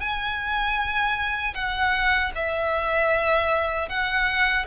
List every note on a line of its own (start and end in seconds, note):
0.00 1.54 G#5
1.55 2.31 F#5
2.35 3.89 E5
3.89 4.66 F#5